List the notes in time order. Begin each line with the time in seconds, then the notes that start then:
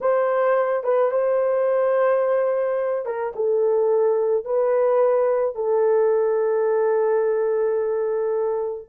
0.00 C5
0.83 B4
1.11 C5
3.05 A#4
3.35 A4
4.44 B4
5.55 A4